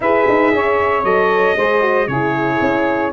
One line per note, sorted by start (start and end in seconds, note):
0.00 0.26 E4
0.00 1.04 G#4
0.00 0.53 B4
0.00 1.04 E5
0.28 0.52 D#4
0.52 1.03 C#4
0.52 1.56 C#5
1.03 1.55 F#3
1.03 1.57 A4
1.03 2.07 D#5
1.56 2.07 G#3
1.56 1.81 G#4
1.56 2.07 C5
1.81 2.07 F#4
2.07 2.59 C#3
2.07 3.13 E4
2.07 3.11 G#4
2.07 3.12 C#5
2.61 3.13 C#4